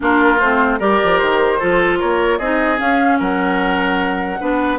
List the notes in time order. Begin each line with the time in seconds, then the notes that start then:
0.00 A#3 D4 F4 A#4
0.39 A3 C4 C5
0.79 G3 G4 A#4 D5
1.04 F3
1.18 D#3 C5
1.58 F3 F4 A4
1.99 A#3 A#4 C#5
2.38 C4 D#4 G#4 D#5
2.77 C#4 F5
3.19 F#3 A#4 F#5
4.40 B3 D4 B4